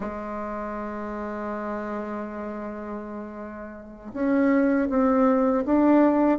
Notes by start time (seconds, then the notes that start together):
0.00 G#3
4.13 C#4
4.89 C4
5.65 D4